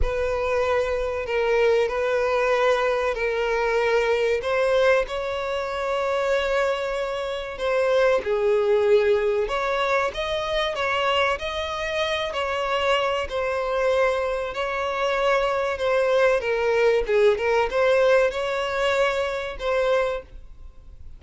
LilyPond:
\new Staff \with { instrumentName = "violin" } { \time 4/4 \tempo 4 = 95 b'2 ais'4 b'4~ | b'4 ais'2 c''4 | cis''1 | c''4 gis'2 cis''4 |
dis''4 cis''4 dis''4. cis''8~ | cis''4 c''2 cis''4~ | cis''4 c''4 ais'4 gis'8 ais'8 | c''4 cis''2 c''4 | }